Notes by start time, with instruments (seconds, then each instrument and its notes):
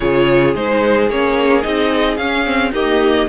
0.00 cello C#3, viola F4, violin G#4 C#5
0.55 cello G#3, viola D#4, violin C5
1.09 cello A#3, viola C#4, violin C#5
1.62 cello C4, viola D#4, violin D#5
2.16 cello C#4, viola C#4, violin F5
2.45 viola C4
2.71 viola A#3, cello D#4, violin G4 D#5